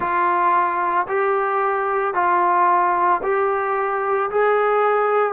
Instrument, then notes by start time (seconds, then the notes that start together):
trombone
0.00 F4
1.08 G4
2.14 F4
3.22 G4
4.30 G#4